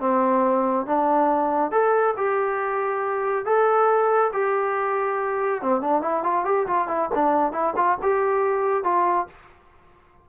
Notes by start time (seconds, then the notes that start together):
0.00 C4
0.87 D4
1.72 A4
2.17 G4
3.45 A4
4.33 G4
5.62 C4
5.81 D4
6.02 E4
6.24 F4
6.45 G4
6.67 F4
6.88 E4
7.15 D4
7.52 E4
7.76 F4
8.02 G4
8.84 F4